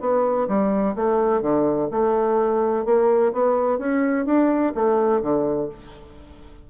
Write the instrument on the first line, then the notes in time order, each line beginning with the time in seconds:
bassoon
0.00 B3
0.48 G3
0.96 A3
1.42 D3
1.90 A3
2.85 A#3
3.32 B3
3.78 C#4
4.26 D4
4.75 A3
5.21 D3